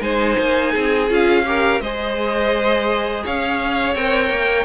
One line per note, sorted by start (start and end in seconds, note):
0.00 0.36 G#3
0.00 1.08 D#4
0.00 0.71 C5
0.00 1.08 G#5
0.38 0.74 A#3
0.71 1.10 C4
0.71 1.42 G#4
1.08 1.80 C#4
1.08 1.44 F4
1.08 1.80 F5
1.44 1.80 G4
1.44 1.82 A#4
1.80 3.23 G#3
1.80 3.96 G#4
1.80 3.23 C5
1.80 3.23 D#5
3.23 3.94 C#4
3.23 4.65 C#5
3.23 3.95 F5
3.94 4.29 C4
3.94 4.65 A#4
3.94 4.65 G5
4.29 4.65 A#3